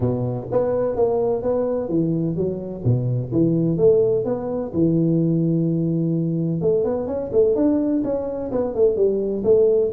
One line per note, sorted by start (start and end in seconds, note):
0.00 0.47 B2
0.51 0.96 B3
0.96 1.42 A#3
1.42 1.89 B3
1.89 2.36 E3
2.36 2.83 F#3
2.84 3.31 B2
3.32 3.77 E3
3.77 4.24 A3
4.24 4.71 B3
4.73 6.61 E3
6.61 6.84 A3
6.84 7.07 B3
7.07 7.30 C#4
7.32 7.55 A3
7.55 8.02 D4
8.04 8.51 C#4
8.51 8.74 B3
8.74 8.96 A3
8.96 9.43 G3
9.44 9.91 A3